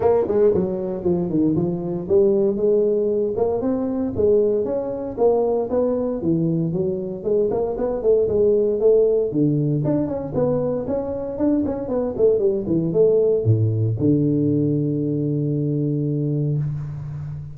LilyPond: \new Staff \with { instrumentName = "tuba" } { \time 4/4 \tempo 4 = 116 ais8 gis8 fis4 f8 dis8 f4 | g4 gis4. ais8 c'4 | gis4 cis'4 ais4 b4 | e4 fis4 gis8 ais8 b8 a8 |
gis4 a4 d4 d'8 cis'8 | b4 cis'4 d'8 cis'8 b8 a8 | g8 e8 a4 a,4 d4~ | d1 | }